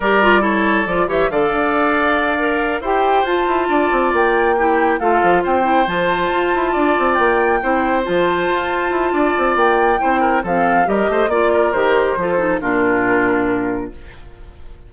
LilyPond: <<
  \new Staff \with { instrumentName = "flute" } { \time 4/4 \tempo 4 = 138 d''4 cis''4 d''8 e''8 f''4~ | f''2~ f''8 g''4 a''8~ | a''4. g''2 f''8~ | f''8 g''4 a''2~ a''8~ |
a''8 g''2 a''4.~ | a''2 g''2 | f''4 dis''4 d''4 c''4~ | c''4 ais'2. | }
  \new Staff \with { instrumentName = "oboe" } { \time 4/4 ais'4 a'4. cis''8 d''4~ | d''2~ d''8 c''4.~ | c''8 d''2 g'4 a'8~ | a'8 c''2. d''8~ |
d''4. c''2~ c''8~ | c''4 d''2 c''8 ais'8 | a'4 ais'8 c''8 d''8 ais'4. | a'4 f'2. | }
  \new Staff \with { instrumentName = "clarinet" } { \time 4/4 g'8 f'8 e'4 f'8 g'8 a'4~ | a'4. ais'4 g'4 f'8~ | f'2~ f'8 e'4 f'8~ | f'4 e'8 f'2~ f'8~ |
f'4. e'4 f'4.~ | f'2. e'4 | c'4 g'4 f'4 g'4 | f'8 dis'8 d'2. | }
  \new Staff \with { instrumentName = "bassoon" } { \time 4/4 g2 f8 e8 d8 d'8~ | d'2~ d'8 e'4 f'8 | e'8 d'8 c'8 ais2 a8 | f8 c'4 f4 f'8 e'8 d'8 |
c'8 ais4 c'4 f4 f'8~ | f'8 e'8 d'8 c'8 ais4 c'4 | f4 g8 a8 ais4 dis4 | f4 ais,2. | }
>>